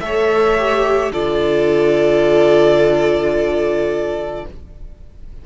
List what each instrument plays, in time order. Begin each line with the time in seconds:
0.00 cello A3, viola A4, violin C#5 E5
0.58 viola G4
1.11 cello D3, viola F4, violin A4 D5